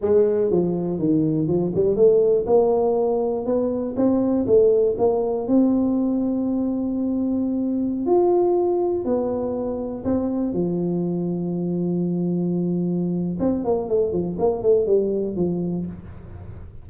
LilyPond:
\new Staff \with { instrumentName = "tuba" } { \time 4/4 \tempo 4 = 121 gis4 f4 dis4 f8 g8 | a4 ais2 b4 | c'4 a4 ais4 c'4~ | c'1~ |
c'16 f'2 b4.~ b16~ | b16 c'4 f2~ f8.~ | f2. c'8 ais8 | a8 f8 ais8 a8 g4 f4 | }